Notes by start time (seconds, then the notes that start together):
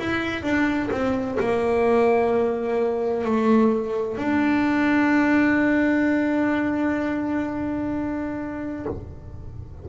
0.00 E4
0.43 D4
0.91 C4
1.40 A#3
3.25 A3
4.17 D4